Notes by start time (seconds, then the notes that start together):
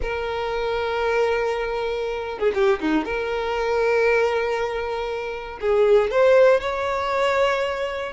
0.02 A#4
2.38 G#4
2.54 G4
2.80 D#4
3.04 A#4
5.60 G#4
6.11 C5
6.60 C#5